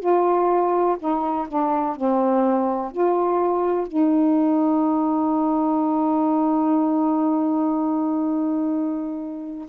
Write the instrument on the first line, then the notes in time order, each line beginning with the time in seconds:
saxophone
0.00 F4
0.99 D#4
1.48 D4
1.96 C4
2.92 F4
3.88 D#4